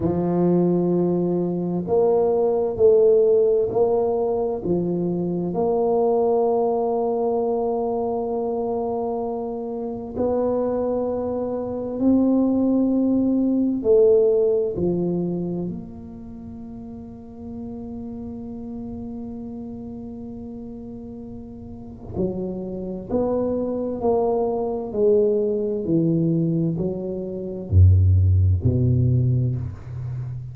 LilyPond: \new Staff \with { instrumentName = "tuba" } { \time 4/4 \tempo 4 = 65 f2 ais4 a4 | ais4 f4 ais2~ | ais2. b4~ | b4 c'2 a4 |
f4 ais2.~ | ais1 | fis4 b4 ais4 gis4 | e4 fis4 fis,4 b,4 | }